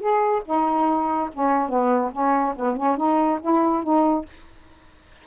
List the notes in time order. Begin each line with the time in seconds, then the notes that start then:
0.00 G#4
0.46 D#4
1.34 C#4
1.69 B3
2.12 C#4
2.56 B3
2.77 C#4
2.97 D#4
3.41 E4
3.83 D#4